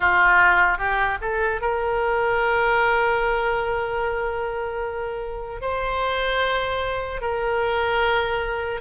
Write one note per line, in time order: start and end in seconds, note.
0.00 0.77 F4
0.77 1.17 G4
1.21 1.61 A4
1.61 5.61 A#4
5.61 7.21 C5
7.21 8.80 A#4